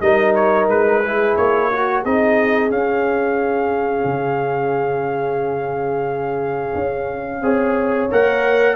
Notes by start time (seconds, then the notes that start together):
0.00 G3 D#4 A#4 D#5
0.34 C#5
0.68 G#3 B4
1.02 E4 G#4
1.36 A#3 C#5
1.71 F#4
2.01 C4 D#4 G#4 D#5
2.70 C#4 F5
4.04 C#3
6.74 C#4
7.41 C4 G#4 C#5
8.11 A#3 A#4 F#5